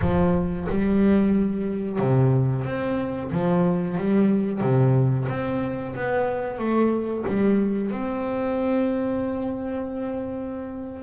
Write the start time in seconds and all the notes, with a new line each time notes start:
0.01 F3
0.69 G3
1.98 C3
2.65 C4
3.31 F3
3.97 G3
4.60 C3
5.28 C4
5.95 B3
6.58 A3
7.27 G3
7.91 C4